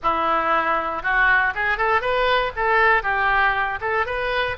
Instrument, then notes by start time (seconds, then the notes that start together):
oboe
0.02 E4
1.02 F#4
1.54 G#4
1.77 A4
2.01 B4
2.56 A4
3.03 G4
3.80 A4
4.05 B4